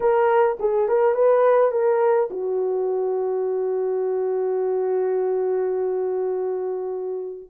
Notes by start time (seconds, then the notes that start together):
0.00 A#4
0.59 G#4
0.88 A#4
1.14 B4
1.71 A#4
2.30 F#4